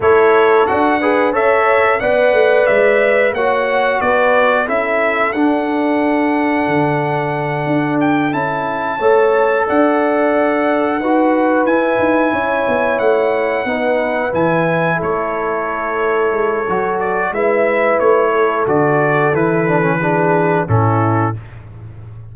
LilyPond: <<
  \new Staff \with { instrumentName = "trumpet" } { \time 4/4 \tempo 4 = 90 cis''4 fis''4 e''4 fis''4 | e''4 fis''4 d''4 e''4 | fis''1 | g''8 a''2 fis''4.~ |
fis''4. gis''2 fis''8~ | fis''4. gis''4 cis''4.~ | cis''4. d''8 e''4 cis''4 | d''4 b'2 a'4 | }
  \new Staff \with { instrumentName = "horn" } { \time 4/4 a'4. b'8 cis''4 d''4~ | d''4 cis''4 b'4 a'4~ | a'1~ | a'4. cis''4 d''4.~ |
d''8 b'2 cis''4.~ | cis''8 b'2 a'4.~ | a'2 b'4. a'8~ | a'2 gis'4 e'4 | }
  \new Staff \with { instrumentName = "trombone" } { \time 4/4 e'4 fis'8 gis'8 a'4 b'4~ | b'4 fis'2 e'4 | d'1~ | d'8 e'4 a'2~ a'8~ |
a'8 fis'4 e'2~ e'8~ | e'8 dis'4 e'2~ e'8~ | e'4 fis'4 e'2 | fis'4 e'8 d'16 cis'16 d'4 cis'4 | }
  \new Staff \with { instrumentName = "tuba" } { \time 4/4 a4 d'4 cis'4 b8 a8 | gis4 ais4 b4 cis'4 | d'2 d4. d'8~ | d'8 cis'4 a4 d'4.~ |
d'8 dis'4 e'8 dis'8 cis'8 b8 a8~ | a8 b4 e4 a4.~ | a8 gis8 fis4 gis4 a4 | d4 e2 a,4 | }
>>